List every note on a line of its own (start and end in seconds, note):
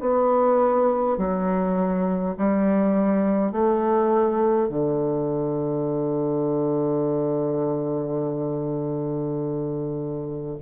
0.00 1.17 B3
1.17 2.35 F#3
2.37 3.51 G3
3.51 4.68 A3
4.68 10.57 D3